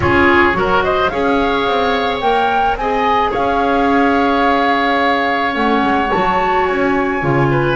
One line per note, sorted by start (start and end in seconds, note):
0.00 0.53 C#4
0.00 0.53 F4
0.00 0.57 G#4
0.00 0.81 C#5
0.53 1.09 F#3
0.53 1.09 F#4
0.53 0.83 A#4
0.83 1.11 C5
0.83 1.08 D#5
1.08 1.66 C#4
1.08 2.22 G#4
1.08 2.77 C#5
1.08 2.19 F5
1.66 2.22 C4
2.20 2.75 A#3
2.20 2.77 A#4
2.20 2.76 G5
2.75 3.31 C4
2.75 5.52 G#4
2.75 3.30 D#5
2.75 3.32 G#5
3.30 5.55 C#4
3.30 7.47 C#5
3.30 5.55 F5
5.52 5.82 A3
5.52 6.07 C#4
5.52 6.11 F#5
5.83 6.11 G#3
6.11 6.69 F#3
6.11 7.21 F#4
6.11 6.65 A5
6.65 7.23 C#4
6.65 7.76 G#5
7.21 7.76 C#3
7.21 7.76 F4
7.51 7.76 B4